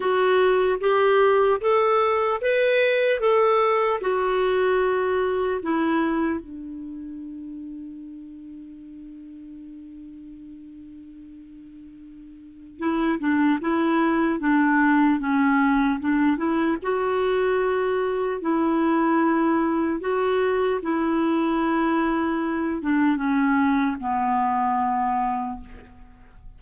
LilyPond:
\new Staff \with { instrumentName = "clarinet" } { \time 4/4 \tempo 4 = 75 fis'4 g'4 a'4 b'4 | a'4 fis'2 e'4 | d'1~ | d'1 |
e'8 d'8 e'4 d'4 cis'4 | d'8 e'8 fis'2 e'4~ | e'4 fis'4 e'2~ | e'8 d'8 cis'4 b2 | }